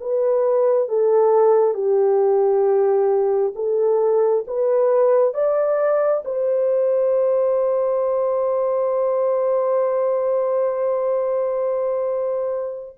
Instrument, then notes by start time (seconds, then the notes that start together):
horn
0.00 B4
0.88 A4
1.74 G4
3.55 A4
4.47 B4
5.34 D5
6.24 C5